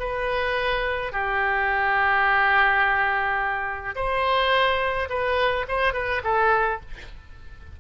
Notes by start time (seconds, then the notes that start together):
0.00 B4
1.13 G4
3.96 C5
5.10 B4
5.69 C5
5.94 B4
6.24 A4